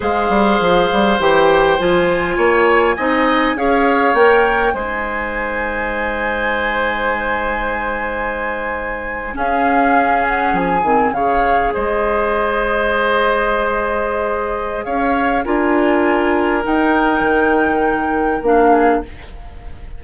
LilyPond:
<<
  \new Staff \with { instrumentName = "flute" } { \time 4/4 \tempo 4 = 101 f''2 g''4 gis''4~ | gis''2 f''4 g''4 | gis''1~ | gis''2.~ gis''8. f''16~ |
f''4~ f''16 fis''8 gis''4 f''4 dis''16~ | dis''1~ | dis''4 f''4 gis''2 | g''2. f''4 | }
  \new Staff \with { instrumentName = "oboe" } { \time 4/4 c''1 | cis''4 dis''4 cis''2 | c''1~ | c''2.~ c''8. gis'16~ |
gis'2~ gis'8. cis''4 c''16~ | c''1~ | c''4 cis''4 ais'2~ | ais'2.~ ais'8 gis'8 | }
  \new Staff \with { instrumentName = "clarinet" } { \time 4/4 gis'2 g'4 f'4~ | f'4 dis'4 gis'4 ais'4 | dis'1~ | dis'2.~ dis'8. cis'16~ |
cis'2~ cis'16 c'8 gis'4~ gis'16~ | gis'1~ | gis'2 f'2 | dis'2. d'4 | }
  \new Staff \with { instrumentName = "bassoon" } { \time 4/4 gis8 g8 f8 g8 e4 f4 | ais4 c'4 cis'4 ais4 | gis1~ | gis2.~ gis8. cis'16~ |
cis'4.~ cis'16 f8 dis8 cis4 gis16~ | gis1~ | gis4 cis'4 d'2 | dis'4 dis2 ais4 | }
>>